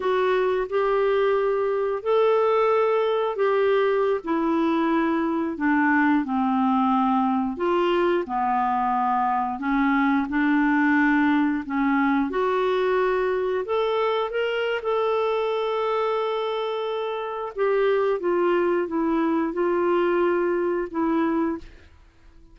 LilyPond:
\new Staff \with { instrumentName = "clarinet" } { \time 4/4 \tempo 4 = 89 fis'4 g'2 a'4~ | a'4 g'4~ g'16 e'4.~ e'16~ | e'16 d'4 c'2 f'8.~ | f'16 b2 cis'4 d'8.~ |
d'4~ d'16 cis'4 fis'4.~ fis'16~ | fis'16 a'4 ais'8. a'2~ | a'2 g'4 f'4 | e'4 f'2 e'4 | }